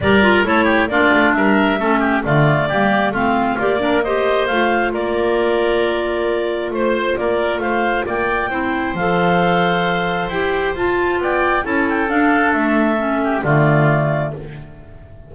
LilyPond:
<<
  \new Staff \with { instrumentName = "clarinet" } { \time 4/4 \tempo 4 = 134 d''4 cis''4 d''4 e''4~ | e''4 d''2 f''4 | d''4 dis''4 f''4 d''4~ | d''2. c''4 |
d''4 f''4 g''2 | f''2. g''4 | a''4 g''4 a''8 g''8 f''4 | e''2 d''2 | }
  \new Staff \with { instrumentName = "oboe" } { \time 4/4 ais'4 a'8 g'8 f'4 ais'4 | a'8 g'8 f'4 g'4 f'4~ | f'8 ais'8 c''2 ais'4~ | ais'2. c''4 |
ais'4 c''4 d''4 c''4~ | c''1~ | c''4 d''4 a'2~ | a'4. g'8 f'2 | }
  \new Staff \with { instrumentName = "clarinet" } { \time 4/4 g'8 f'8 e'4 d'2 | cis'4 a4 ais4 c'4 | g'8 d'8 g'4 f'2~ | f'1~ |
f'2. e'4 | a'2. g'4 | f'2 e'4 d'4~ | d'4 cis'4 a2 | }
  \new Staff \with { instrumentName = "double bass" } { \time 4/4 g4 a4 ais8 a8 g4 | a4 d4 g4 a4 | ais2 a4 ais4~ | ais2. a4 |
ais4 a4 ais4 c'4 | f2. e'4 | f'4 b4 cis'4 d'4 | a2 d2 | }
>>